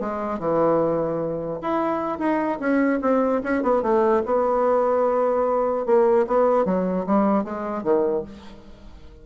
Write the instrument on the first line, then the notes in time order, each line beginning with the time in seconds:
bassoon
0.00 G#3
0.39 E3
1.61 E4
2.18 D#4
2.59 C#4
3.01 C4
3.43 C#4
3.63 B3
3.82 A3
4.25 B3
5.86 A#3
6.27 B3
6.65 F#3
7.06 G3
7.44 G#3
7.83 D#3